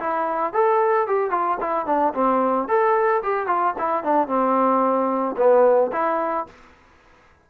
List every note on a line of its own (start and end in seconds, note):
0.00 0.53 E4
0.53 1.07 A4
1.08 1.31 G4
1.31 1.58 F4
1.61 1.86 E4
1.86 2.14 D4
2.14 2.68 C4
2.68 3.22 A4
3.23 3.47 G4
3.47 3.74 F4
3.79 4.04 E4
4.04 4.28 D4
4.28 5.36 C4
5.37 5.91 B3
5.93 6.47 E4